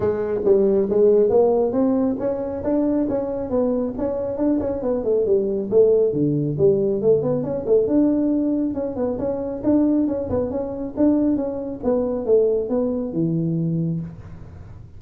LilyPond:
\new Staff \with { instrumentName = "tuba" } { \time 4/4 \tempo 4 = 137 gis4 g4 gis4 ais4 | c'4 cis'4 d'4 cis'4 | b4 cis'4 d'8 cis'8 b8 a8 | g4 a4 d4 g4 |
a8 b8 cis'8 a8 d'2 | cis'8 b8 cis'4 d'4 cis'8 b8 | cis'4 d'4 cis'4 b4 | a4 b4 e2 | }